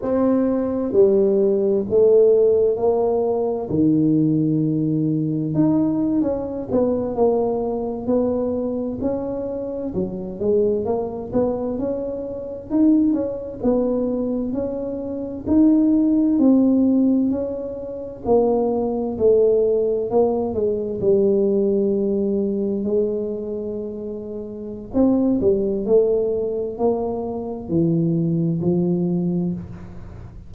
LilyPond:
\new Staff \with { instrumentName = "tuba" } { \time 4/4 \tempo 4 = 65 c'4 g4 a4 ais4 | dis2 dis'8. cis'8 b8 ais16~ | ais8. b4 cis'4 fis8 gis8 ais16~ | ais16 b8 cis'4 dis'8 cis'8 b4 cis'16~ |
cis'8. dis'4 c'4 cis'4 ais16~ | ais8. a4 ais8 gis8 g4~ g16~ | g8. gis2~ gis16 c'8 g8 | a4 ais4 e4 f4 | }